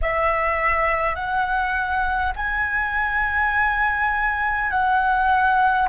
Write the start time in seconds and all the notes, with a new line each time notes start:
0.01 E5
1.15 F#5
2.35 G#5
4.71 F#5